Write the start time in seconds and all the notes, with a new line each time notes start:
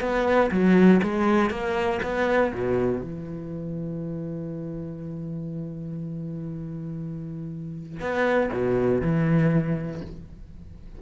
0.00 B3
0.51 F#3
1.02 G#3
1.50 A#3
2.02 B3
2.53 B2
3.01 E3
8.00 B3
8.52 B2
9.01 E3